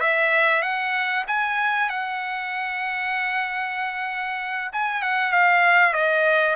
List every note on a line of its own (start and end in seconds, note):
0.00 0.62 E5
0.62 1.24 F#5
1.27 1.89 G#5
1.89 4.70 F#5
4.72 5.02 G#5
5.02 5.32 F#5
5.32 5.93 F5
5.93 6.55 D#5